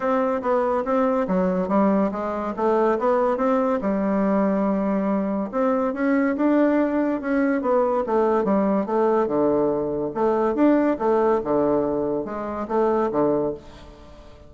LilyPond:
\new Staff \with { instrumentName = "bassoon" } { \time 4/4 \tempo 4 = 142 c'4 b4 c'4 fis4 | g4 gis4 a4 b4 | c'4 g2.~ | g4 c'4 cis'4 d'4~ |
d'4 cis'4 b4 a4 | g4 a4 d2 | a4 d'4 a4 d4~ | d4 gis4 a4 d4 | }